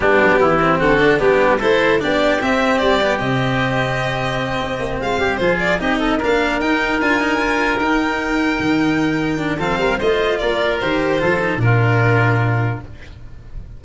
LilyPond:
<<
  \new Staff \with { instrumentName = "violin" } { \time 4/4 \tempo 4 = 150 g'2 a'4 g'4 | c''4 d''4 e''4 d''4 | dis''1~ | dis''8 f''4 c''8 d''8 dis''4 f''8~ |
f''8 g''4 gis''2 g''8~ | g''1 | f''4 dis''4 d''4 c''4~ | c''4 ais'2. | }
  \new Staff \with { instrumentName = "oboe" } { \time 4/4 d'4 e'4 fis'4 d'4 | a'4 g'2.~ | g'1~ | g'8 f'8 g'8 gis'4 g'8 a'8 ais'8~ |
ais'1~ | ais'1 | a'8 ais'8 c''4 ais'2 | a'4 f'2. | }
  \new Staff \with { instrumentName = "cello" } { \time 4/4 b4. c'4 d'8 b4 | e'4 d'4 c'4. b8 | c'1~ | c'4. f'4 dis'4 d'8~ |
d'8 dis'4 f'8 dis'8 f'4 dis'8~ | dis'2.~ dis'8 d'8 | c'4 f'2 g'4 | f'8 dis'8 d'2. | }
  \new Staff \with { instrumentName = "tuba" } { \time 4/4 g8 fis8 e4 d4 g4 | a4 b4 c'4 g4 | c2.~ c8 c'8 | ais8 gis8 g8 f4 c'4 ais8~ |
ais8 dis'4 d'2 dis'8~ | dis'4. dis2~ dis8 | f8 g8 a4 ais4 dis4 | f4 ais,2. | }
>>